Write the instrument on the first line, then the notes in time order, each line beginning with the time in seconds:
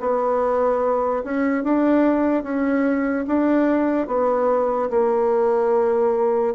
bassoon
0.00 B3
1.24 C#4
1.64 D4
2.43 C#4
3.27 D4
4.07 B3
4.90 A#3